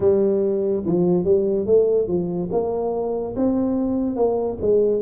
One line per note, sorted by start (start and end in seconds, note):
0.00 0.83 G3
0.85 1.24 F3
1.24 1.66 G3
1.66 2.07 A3
2.07 2.49 F3
2.52 3.35 A#3
3.36 4.16 C4
4.16 4.57 A#3
4.61 5.01 G#3